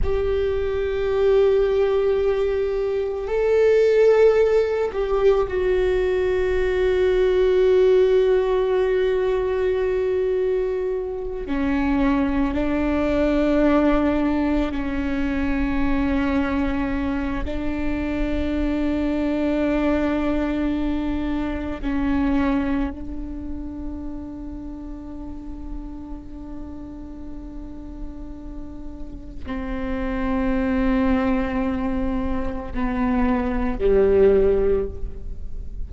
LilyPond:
\new Staff \with { instrumentName = "viola" } { \time 4/4 \tempo 4 = 55 g'2. a'4~ | a'8 g'8 fis'2.~ | fis'2~ fis'8 cis'4 d'8~ | d'4. cis'2~ cis'8 |
d'1 | cis'4 d'2.~ | d'2. c'4~ | c'2 b4 g4 | }